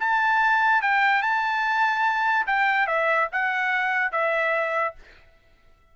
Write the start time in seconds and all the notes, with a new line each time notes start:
0.00 A5
0.82 G5
1.22 A5
2.47 G5
2.87 E5
3.32 F#5
4.12 E5